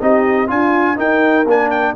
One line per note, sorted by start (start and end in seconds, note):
0.00 0.50 C4
0.00 0.48 D#4
0.00 0.50 G4
0.00 0.50 D#5
0.48 0.98 D4
0.48 0.96 F4
0.48 0.97 F4
0.48 0.99 G#5
0.97 1.45 D#4
0.97 1.46 D#4
0.97 1.95 A#4
0.97 1.48 G5
1.46 1.95 A#3
1.46 1.96 D4
1.46 1.70 G#5
1.70 1.95 G5